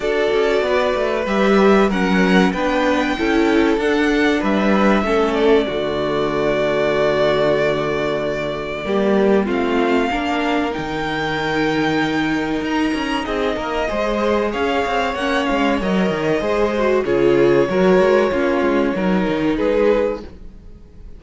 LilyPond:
<<
  \new Staff \with { instrumentName = "violin" } { \time 4/4 \tempo 4 = 95 d''2 e''4 fis''4 | g''2 fis''4 e''4~ | e''8 d''2.~ d''8~ | d''2. f''4~ |
f''4 g''2. | ais''4 dis''2 f''4 | fis''8 f''8 dis''2 cis''4~ | cis''2. b'4 | }
  \new Staff \with { instrumentName = "violin" } { \time 4/4 a'4 b'2 ais'4 | b'4 a'2 b'4 | a'4 fis'2.~ | fis'2 g'4 f'4 |
ais'1~ | ais'4 gis'8 ais'8 c''4 cis''4~ | cis''2 c''4 gis'4 | ais'4 f'4 ais'4 gis'4 | }
  \new Staff \with { instrumentName = "viola" } { \time 4/4 fis'2 g'4 cis'4 | d'4 e'4 d'2 | cis'4 a2.~ | a2 ais4 c'4 |
d'4 dis'2.~ | dis'2 gis'2 | cis'4 ais'4 gis'8 fis'8 f'4 | fis'4 cis'4 dis'2 | }
  \new Staff \with { instrumentName = "cello" } { \time 4/4 d'8 cis'8 b8 a8 g4 fis4 | b4 cis'4 d'4 g4 | a4 d2.~ | d2 g4 a4 |
ais4 dis2. | dis'8 cis'8 c'8 ais8 gis4 cis'8 c'8 | ais8 gis8 fis8 dis8 gis4 cis4 | fis8 gis8 ais8 gis8 fis8 dis8 gis4 | }
>>